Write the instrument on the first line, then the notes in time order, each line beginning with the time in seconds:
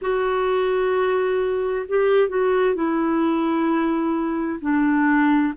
clarinet
0.01 F#4
1.88 G4
2.28 F#4
2.74 E4
4.61 D4